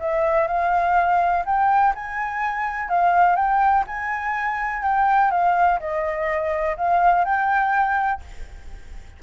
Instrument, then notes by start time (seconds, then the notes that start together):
flute
0.00 E5
0.48 F5
1.45 G5
1.95 G#5
2.89 F5
3.36 G5
3.87 G#5
4.83 G5
5.31 F5
5.80 D#5
6.77 F5
7.25 G5